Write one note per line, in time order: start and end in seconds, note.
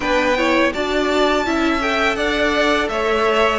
0.00 0.72 B3
0.00 0.35 D4
0.00 0.36 B4
0.00 0.72 G5
0.36 0.73 E4
0.36 0.72 C#5
0.73 1.46 D4
0.73 1.45 F#4
0.73 1.45 D5
0.73 1.81 A5
1.45 2.16 C#4
1.45 1.80 E4
1.45 2.16 E5
1.80 3.59 A4
1.80 2.15 G5
2.15 2.88 D4
2.15 2.89 D5
2.15 2.87 F#5
2.88 3.59 A3
2.88 3.59 C#5
2.88 3.59 E5